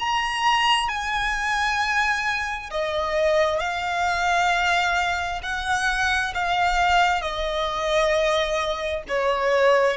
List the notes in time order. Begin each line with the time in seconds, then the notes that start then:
0.00 A#5
0.89 G#5
2.71 D#5
3.60 F5
5.43 F#5
6.35 F5
7.22 D#5
9.09 C#5